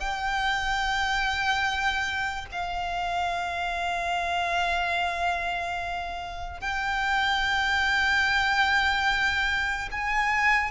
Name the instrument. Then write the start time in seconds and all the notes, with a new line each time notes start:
violin
0.00 G5
2.52 F5
6.61 G5
9.92 G#5